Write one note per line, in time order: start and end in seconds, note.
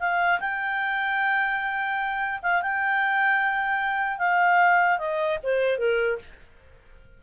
0.00 0.40 F5
0.41 2.41 G5
2.43 2.63 F5
2.63 4.19 G5
4.19 4.99 F5
4.99 5.39 D#5
5.44 5.79 C5
5.79 6.19 A#4